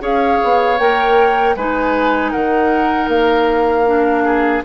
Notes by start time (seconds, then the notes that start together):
0.00 C#4 G#4 C#5 F5
0.43 B3
0.78 A#3 A#4 G5
1.56 G#3 D#4 B4 G#5
2.31 D#3 A#4 F#5
3.08 A#3 F5
3.86 D4
4.24 G#4